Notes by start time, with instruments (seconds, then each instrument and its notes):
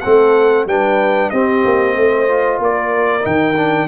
0.00 tuba A3, trombone C4, horn A4, trumpet F#5
0.65 tuba G3, trombone D4, horn B4, trumpet G5
1.30 tuba C4, trombone C4, horn G4, trumpet D#5
1.64 tuba A#3
1.95 tuba A3, horn C5
2.28 trombone F4
2.59 tuba A#3, horn A#4, trumpet D5
3.21 tuba D#3, trombone D#4, trumpet G5
3.56 trombone D4